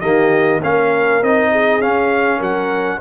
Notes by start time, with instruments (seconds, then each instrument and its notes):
0.00 tuba D#3, trombone A#3, horn G4, trumpet D#5
0.62 tuba A#3, trombone C#4, horn A#4, trumpet F5
1.22 tuba C4, trombone D#4, trumpet D#5
1.51 horn G#4
1.80 tuba C#4, trombone C#4, trumpet F5
2.37 tuba F#3, horn A#4, trumpet F#5